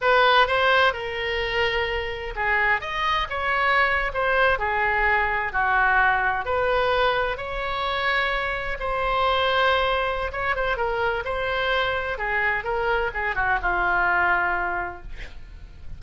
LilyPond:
\new Staff \with { instrumentName = "oboe" } { \time 4/4 \tempo 4 = 128 b'4 c''4 ais'2~ | ais'4 gis'4 dis''4 cis''4~ | cis''8. c''4 gis'2 fis'16~ | fis'4.~ fis'16 b'2 cis''16~ |
cis''2~ cis''8. c''4~ c''16~ | c''2 cis''8 c''8 ais'4 | c''2 gis'4 ais'4 | gis'8 fis'8 f'2. | }